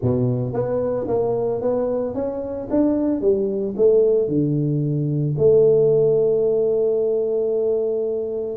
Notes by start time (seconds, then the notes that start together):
0.01 B2
0.53 B3
1.07 A#3
1.61 B3
2.14 C#4
2.70 D4
3.21 G3
3.76 A3
4.28 D3
5.38 A3